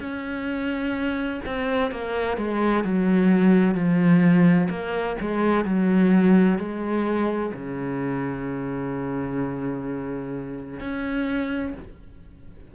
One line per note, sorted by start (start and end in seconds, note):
0.00 1.41 C#4
1.46 1.91 C4
1.91 2.37 A#3
2.37 2.84 G#3
2.84 3.75 F#3
3.75 4.68 F3
4.70 5.16 A#3
5.21 5.65 G#3
5.65 6.58 F#3
6.59 7.53 G#3
7.53 10.80 C#3
10.80 11.74 C#4